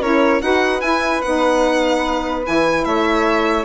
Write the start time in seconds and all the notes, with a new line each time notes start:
0.00 C#4 E4 A#4 C#5
0.41 D#4 F#4 B4 F#5
0.81 E4 G#5
1.21 B3 D#4 F#5
2.44 E3 E4 G#5
2.84 A3 C#5 E5